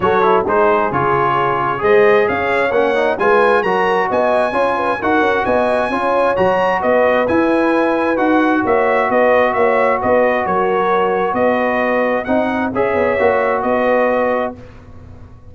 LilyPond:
<<
  \new Staff \with { instrumentName = "trumpet" } { \time 4/4 \tempo 4 = 132 cis''4 c''4 cis''2 | dis''4 f''4 fis''4 gis''4 | ais''4 gis''2 fis''4 | gis''2 ais''4 dis''4 |
gis''2 fis''4 e''4 | dis''4 e''4 dis''4 cis''4~ | cis''4 dis''2 fis''4 | e''2 dis''2 | }
  \new Staff \with { instrumentName = "horn" } { \time 4/4 a'4 gis'2. | c''4 cis''2 b'4 | ais'4 dis''4 cis''8 b'8 ais'4 | dis''4 cis''2 b'4~ |
b'2. cis''4 | b'4 cis''4 b'4 ais'4~ | ais'4 b'2 dis''4 | cis''2 b'2 | }
  \new Staff \with { instrumentName = "trombone" } { \time 4/4 fis'8 e'8 dis'4 f'2 | gis'2 cis'8 dis'8 f'4 | fis'2 f'4 fis'4~ | fis'4 f'4 fis'2 |
e'2 fis'2~ | fis'1~ | fis'2. dis'4 | gis'4 fis'2. | }
  \new Staff \with { instrumentName = "tuba" } { \time 4/4 fis4 gis4 cis2 | gis4 cis'4 ais4 gis4 | fis4 b4 cis'4 dis'8 cis'8 | b4 cis'4 fis4 b4 |
e'2 dis'4 ais4 | b4 ais4 b4 fis4~ | fis4 b2 c'4 | cis'8 b8 ais4 b2 | }
>>